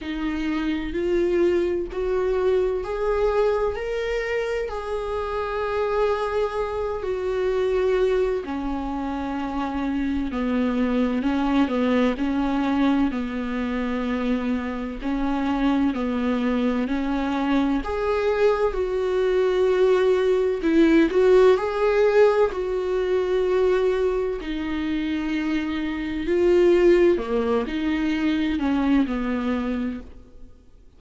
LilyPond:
\new Staff \with { instrumentName = "viola" } { \time 4/4 \tempo 4 = 64 dis'4 f'4 fis'4 gis'4 | ais'4 gis'2~ gis'8 fis'8~ | fis'4 cis'2 b4 | cis'8 b8 cis'4 b2 |
cis'4 b4 cis'4 gis'4 | fis'2 e'8 fis'8 gis'4 | fis'2 dis'2 | f'4 ais8 dis'4 cis'8 b4 | }